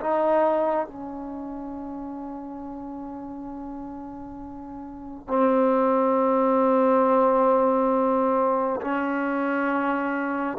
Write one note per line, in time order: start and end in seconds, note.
0.00 0.86 D#4
0.86 5.27 C#4
5.27 8.80 C4
8.81 10.58 C#4